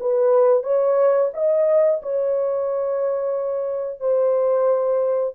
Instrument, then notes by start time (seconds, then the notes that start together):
horn
0.00 B4
0.63 C#5
1.34 D#5
2.02 C#5
4.00 C5